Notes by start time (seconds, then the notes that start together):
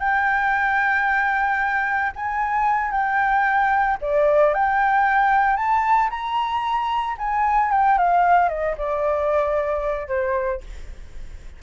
0.00 G5
2.16 G#5
2.91 G5
4.01 D5
4.54 G5
5.57 A5
6.10 A#5
7.18 G#5
7.71 G5
7.98 F5
8.49 D#5
8.78 D5
10.08 C5